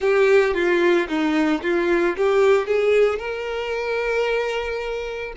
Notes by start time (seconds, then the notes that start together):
0.00 G4
0.54 F4
1.08 D#4
1.62 F4
2.17 G4
2.66 G#4
3.19 A#4